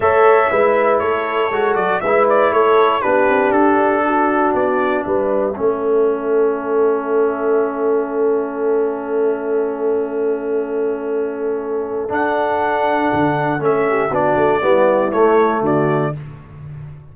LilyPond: <<
  \new Staff \with { instrumentName = "trumpet" } { \time 4/4 \tempo 4 = 119 e''2 cis''4. d''8 | e''8 d''8 cis''4 b'4 a'4~ | a'4 d''4 e''2~ | e''1~ |
e''1~ | e''1 | fis''2. e''4 | d''2 cis''4 d''4 | }
  \new Staff \with { instrumentName = "horn" } { \time 4/4 cis''4 b'4 a'2 | b'4 a'4 g'2 | fis'2 b'4 a'4~ | a'1~ |
a'1~ | a'1~ | a'2.~ a'8 g'8 | fis'4 e'2 fis'4 | }
  \new Staff \with { instrumentName = "trombone" } { \time 4/4 a'4 e'2 fis'4 | e'2 d'2~ | d'2. cis'4~ | cis'1~ |
cis'1~ | cis'1 | d'2. cis'4 | d'4 b4 a2 | }
  \new Staff \with { instrumentName = "tuba" } { \time 4/4 a4 gis4 a4 gis8 fis8 | gis4 a4 b8 c'8 d'4~ | d'4 b4 g4 a4~ | a1~ |
a1~ | a1 | d'2 d4 a4 | b8 a8 g4 a4 d4 | }
>>